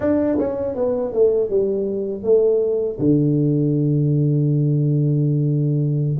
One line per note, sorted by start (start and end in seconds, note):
0.00 0.38 D4
0.38 0.75 C#4
0.75 1.12 B3
1.12 1.49 A3
1.49 2.23 G3
2.23 2.98 A3
2.99 6.17 D3